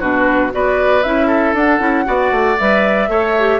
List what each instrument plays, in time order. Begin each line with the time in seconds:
0.00 bassoon B2, clarinet D4, oboe F#4, flute B4
0.51 bassoon B3, clarinet F#4, oboe B4, flute D5
1.03 bassoon C#4, clarinet E4, flute E5
1.27 oboe A4
1.53 bassoon D4, clarinet D4, flute F#5
1.79 bassoon C#4, clarinet E4
2.05 bassoon B3, clarinet F#4, oboe D5
2.31 bassoon A3
2.59 bassoon G3, clarinet B4, flute E5
3.09 bassoon A3, clarinet A4, oboe C#5
3.39 clarinet G4